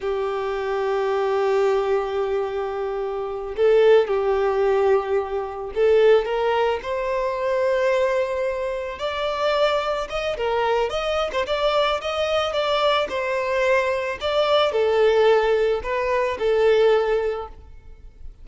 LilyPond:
\new Staff \with { instrumentName = "violin" } { \time 4/4 \tempo 4 = 110 g'1~ | g'2~ g'8 a'4 g'8~ | g'2~ g'8 a'4 ais'8~ | ais'8 c''2.~ c''8~ |
c''8 d''2 dis''8 ais'4 | dis''8. c''16 d''4 dis''4 d''4 | c''2 d''4 a'4~ | a'4 b'4 a'2 | }